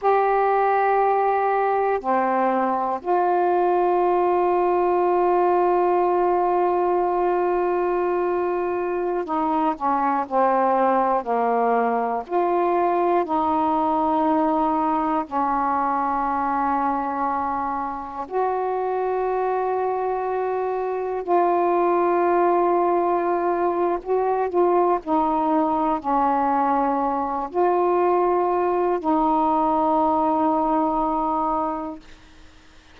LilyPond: \new Staff \with { instrumentName = "saxophone" } { \time 4/4 \tempo 4 = 60 g'2 c'4 f'4~ | f'1~ | f'4~ f'16 dis'8 cis'8 c'4 ais8.~ | ais16 f'4 dis'2 cis'8.~ |
cis'2~ cis'16 fis'4.~ fis'16~ | fis'4~ fis'16 f'2~ f'8. | fis'8 f'8 dis'4 cis'4. f'8~ | f'4 dis'2. | }